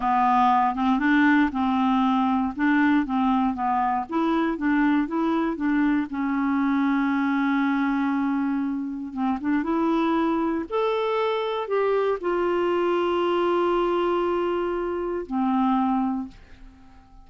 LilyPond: \new Staff \with { instrumentName = "clarinet" } { \time 4/4 \tempo 4 = 118 b4. c'8 d'4 c'4~ | c'4 d'4 c'4 b4 | e'4 d'4 e'4 d'4 | cis'1~ |
cis'2 c'8 d'8 e'4~ | e'4 a'2 g'4 | f'1~ | f'2 c'2 | }